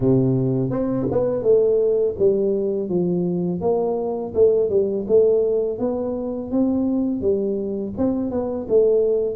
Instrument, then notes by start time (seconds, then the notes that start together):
tuba
0.00 C3
0.70 C4
1.11 B3
1.43 A3
2.19 G3
2.88 F3
3.60 A#3
4.34 A3
4.69 G3
5.07 A3
5.78 B3
6.51 C4
7.21 G3
7.97 C4
8.30 B3
8.68 A3